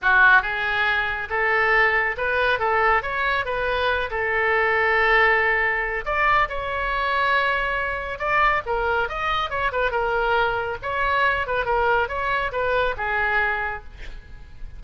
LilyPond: \new Staff \with { instrumentName = "oboe" } { \time 4/4 \tempo 4 = 139 fis'4 gis'2 a'4~ | a'4 b'4 a'4 cis''4 | b'4. a'2~ a'8~ | a'2 d''4 cis''4~ |
cis''2. d''4 | ais'4 dis''4 cis''8 b'8 ais'4~ | ais'4 cis''4. b'8 ais'4 | cis''4 b'4 gis'2 | }